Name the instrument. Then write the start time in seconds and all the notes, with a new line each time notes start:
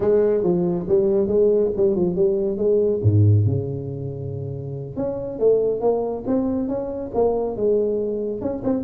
tuba
0.00 G#3
0.43 F3
0.88 G3
1.27 G#3
1.76 G3
1.95 F3
2.15 G3
2.57 G#3
3.02 G#2
3.46 C#3
4.96 C#4
5.39 A3
5.81 A#3
6.26 C4
6.68 C#4
7.14 A#3
7.56 G#3
8.41 C#4
8.64 C4